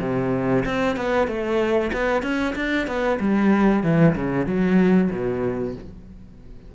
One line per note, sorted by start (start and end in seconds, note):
0.00 0.64 C3
0.65 0.96 C4
0.96 1.27 B3
1.27 1.91 A3
1.92 2.22 B3
2.22 2.54 C#4
2.55 2.87 D4
2.87 3.19 B3
3.20 3.83 G3
3.83 4.15 E3
4.15 4.46 C#3
4.46 5.10 F#3
5.11 5.74 B2